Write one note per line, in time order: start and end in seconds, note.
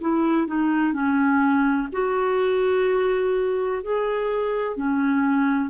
0.00 0.46 E4
0.46 0.93 D#4
0.93 1.88 C#4
1.92 3.82 F#4
3.82 4.76 G#4
4.76 5.69 C#4